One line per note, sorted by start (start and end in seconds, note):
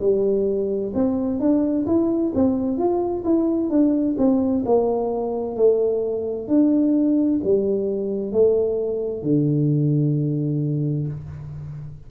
0.00 0.92 G3
0.94 1.40 C4
1.40 1.86 D4
1.86 2.32 E4
2.34 2.77 C4
2.77 3.23 F4
3.24 3.69 E4
3.69 4.15 D4
4.17 4.64 C4
4.65 5.56 A#3
5.56 6.47 A3
6.47 7.40 D4
7.43 8.32 G3
8.32 9.22 A3
9.22 11.07 D3